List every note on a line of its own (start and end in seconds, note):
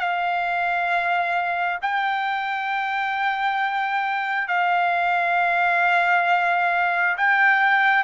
0.00 1.79 F5
1.82 4.48 G5
4.48 7.16 F5
7.17 8.04 G5